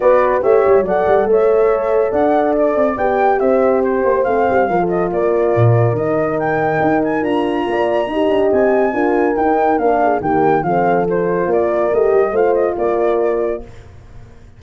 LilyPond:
<<
  \new Staff \with { instrumentName = "flute" } { \time 4/4 \tempo 4 = 141 d''4 e''4 fis''4 e''4~ | e''4 fis''4 d''4 g''4 | e''4 c''4 f''4. dis''8 | d''2 dis''4 g''4~ |
g''8 gis''8 ais''2. | gis''2 g''4 f''4 | g''4 f''4 c''4 d''4 | dis''4 f''8 dis''8 d''2 | }
  \new Staff \with { instrumentName = "horn" } { \time 4/4 b'4 cis''4 d''4 cis''4~ | cis''4 d''2. | c''2. ais'16 a'8. | ais'1~ |
ais'2 d''4 dis''4~ | dis''4 ais'2~ ais'8 gis'8 | g'4 a'2 ais'4~ | ais'4 c''4 ais'2 | }
  \new Staff \with { instrumentName = "horn" } { \time 4/4 fis'4 g'4 a'2~ | a'2. g'4~ | g'2 c'4 f'4~ | f'2 dis'2~ |
dis'4 f'2 g'4~ | g'4 f'4 dis'4 d'4 | ais4 c'4 f'2 | g'4 f'2. | }
  \new Staff \with { instrumentName = "tuba" } { \time 4/4 b4 a8 g8 fis8 g8 a4~ | a4 d'4. c'8 b4 | c'4. ais8 a8 g8 f4 | ais4 ais,4 dis2 |
dis'4 d'4 ais4 dis'8 d'8 | c'4 d'4 dis'4 ais4 | dis4 f2 ais4 | a8 g8 a4 ais2 | }
>>